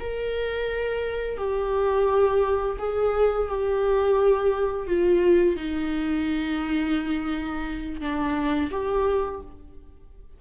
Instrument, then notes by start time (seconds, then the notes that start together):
viola
0.00 A#4
1.37 G4
2.78 G#4
3.48 G4
4.87 F4
5.56 D#4
8.00 D4
8.71 G4